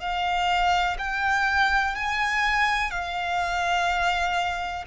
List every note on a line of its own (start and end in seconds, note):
0.00 0.97 F5
0.99 1.95 G5
1.95 2.91 G#5
2.91 4.84 F5